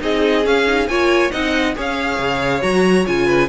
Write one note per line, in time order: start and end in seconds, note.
0.00 0.46 C4
0.00 0.43 D#4
0.00 0.89 G#4
0.00 0.46 D#5
0.44 0.66 C#4
0.44 0.88 C#4
0.44 0.88 F5
0.67 0.89 D#4
0.88 1.31 A#3
0.88 1.31 F4
0.88 1.32 C#5
0.88 1.32 G#5
1.31 1.76 C4
1.31 1.75 D#4
1.31 1.76 D#5
1.31 1.75 F#5
1.76 2.19 C#4
1.76 2.62 G#4
1.76 3.26 C#5
1.76 2.63 F5
2.19 2.62 C#3
2.62 3.07 F#3
2.62 3.05 F#4
2.62 3.06 A#5
3.06 3.49 C#3
3.06 3.49 F4
3.06 3.49 G#5
3.26 3.48 B4